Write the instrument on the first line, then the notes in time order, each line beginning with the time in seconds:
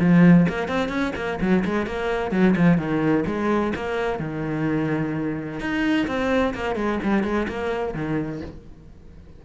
cello
0.00 F3
0.49 A#3
0.69 C4
0.89 C#4
1.16 A#3
1.41 F#3
1.65 G#3
1.87 A#3
2.32 F#3
2.56 F3
2.78 D#3
3.27 G#3
3.76 A#3
4.20 D#3
5.60 D#4
6.08 C4
6.55 A#3
6.76 G#3
7.04 G3
7.24 G#3
7.49 A#3
7.95 D#3